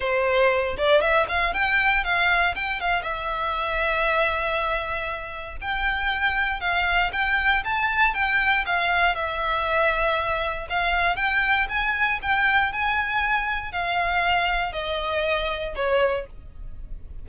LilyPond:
\new Staff \with { instrumentName = "violin" } { \time 4/4 \tempo 4 = 118 c''4. d''8 e''8 f''8 g''4 | f''4 g''8 f''8 e''2~ | e''2. g''4~ | g''4 f''4 g''4 a''4 |
g''4 f''4 e''2~ | e''4 f''4 g''4 gis''4 | g''4 gis''2 f''4~ | f''4 dis''2 cis''4 | }